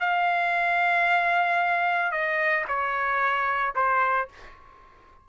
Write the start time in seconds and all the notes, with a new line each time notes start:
0.00 F5
2.11 D#5
2.68 C#5
3.75 C5